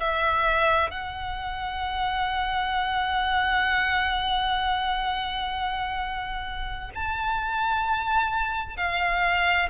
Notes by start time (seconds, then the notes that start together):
0.00 E5
0.91 F#5
6.95 A5
8.77 F5